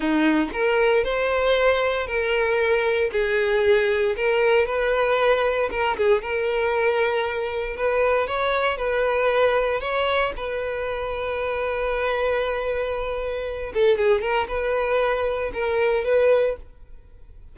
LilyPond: \new Staff \with { instrumentName = "violin" } { \time 4/4 \tempo 4 = 116 dis'4 ais'4 c''2 | ais'2 gis'2 | ais'4 b'2 ais'8 gis'8 | ais'2. b'4 |
cis''4 b'2 cis''4 | b'1~ | b'2~ b'8 a'8 gis'8 ais'8 | b'2 ais'4 b'4 | }